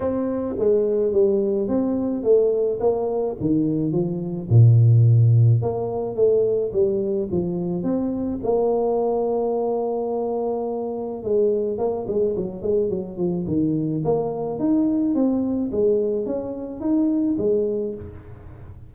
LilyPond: \new Staff \with { instrumentName = "tuba" } { \time 4/4 \tempo 4 = 107 c'4 gis4 g4 c'4 | a4 ais4 dis4 f4 | ais,2 ais4 a4 | g4 f4 c'4 ais4~ |
ais1 | gis4 ais8 gis8 fis8 gis8 fis8 f8 | dis4 ais4 dis'4 c'4 | gis4 cis'4 dis'4 gis4 | }